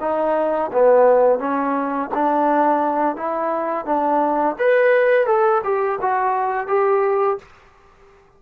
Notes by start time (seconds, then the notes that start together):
0.00 D#4
0.72 B3
1.39 C#4
2.14 D4
3.16 E4
3.85 D4
4.58 B4
5.26 A4
5.63 G4
6.01 F#4
6.67 G4